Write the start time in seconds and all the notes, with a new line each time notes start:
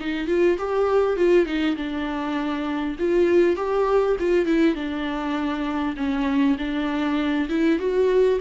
0.00 D#4
0.28 F4
0.58 G4
1.17 F4
1.46 D#4
1.76 D4
2.99 F4
3.56 G4
4.20 F4
4.46 E4
4.75 D4
5.97 C#4
6.59 D4
7.49 E4
7.79 F#4